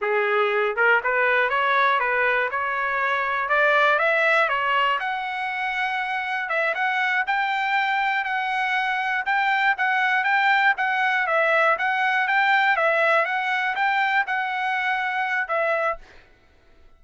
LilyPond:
\new Staff \with { instrumentName = "trumpet" } { \time 4/4 \tempo 4 = 120 gis'4. ais'8 b'4 cis''4 | b'4 cis''2 d''4 | e''4 cis''4 fis''2~ | fis''4 e''8 fis''4 g''4.~ |
g''8 fis''2 g''4 fis''8~ | fis''8 g''4 fis''4 e''4 fis''8~ | fis''8 g''4 e''4 fis''4 g''8~ | g''8 fis''2~ fis''8 e''4 | }